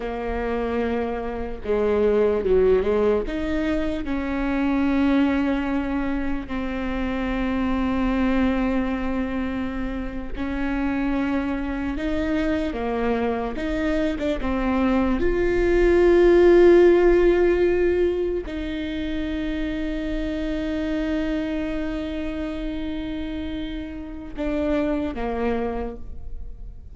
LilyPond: \new Staff \with { instrumentName = "viola" } { \time 4/4 \tempo 4 = 74 ais2 gis4 fis8 gis8 | dis'4 cis'2. | c'1~ | c'8. cis'2 dis'4 ais16~ |
ais8. dis'8. d'16 c'4 f'4~ f'16~ | f'2~ f'8. dis'4~ dis'16~ | dis'1~ | dis'2 d'4 ais4 | }